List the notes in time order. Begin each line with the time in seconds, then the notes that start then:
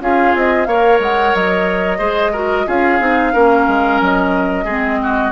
0.00 C#4 F4 G#4 F5
0.34 C4 D#5
0.65 A#3 A#4 C#5 F5
0.99 G#3 F#5
1.34 F#3 D#5
1.98 G#3 G#4 C5
2.32 F#4 A#4
2.66 C#4 F4 G#4 F5
3.00 C4 D#4
3.32 A#3 C#4 A#4
3.67 G#3
4.00 F#3 D#5
4.65 G#3 C4 G#4
5.03 F#4